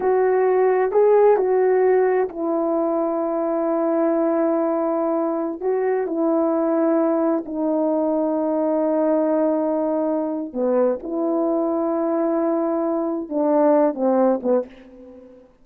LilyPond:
\new Staff \with { instrumentName = "horn" } { \time 4/4 \tempo 4 = 131 fis'2 gis'4 fis'4~ | fis'4 e'2.~ | e'1~ | e'16 fis'4 e'2~ e'8.~ |
e'16 dis'2.~ dis'8.~ | dis'2. b4 | e'1~ | e'4 d'4. c'4 b8 | }